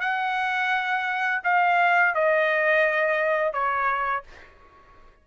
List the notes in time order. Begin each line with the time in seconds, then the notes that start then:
0.00 F#5
1.43 F5
2.14 D#5
3.53 C#5